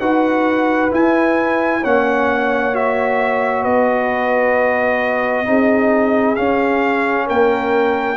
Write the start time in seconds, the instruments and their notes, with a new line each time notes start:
0.00 tuba D#4, trombone F#4, horn B4, trumpet F#5
0.91 trombone E4, tuba E4, trumpet G#5
1.81 tuba A#3, trombone C#4, horn C#5, trumpet F#5
2.73 trombone F#4, trumpet E5
3.62 tuba B3, horn B4, trumpet D#5
5.46 tuba C4, trombone D#4, horn G#4
6.36 trombone C#4, tuba C#4, trumpet F5
7.26 tuba A#3, horn A#4, trumpet G5